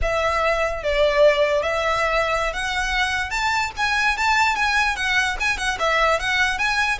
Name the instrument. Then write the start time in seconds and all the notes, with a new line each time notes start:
violin
0.02 E5
0.83 D5
1.62 E5
2.53 F#5
3.30 A5
3.76 G#5
4.17 A5
4.55 G#5
4.96 F#5
5.40 G#5
5.57 F#5
5.79 E5
6.19 F#5
6.58 G#5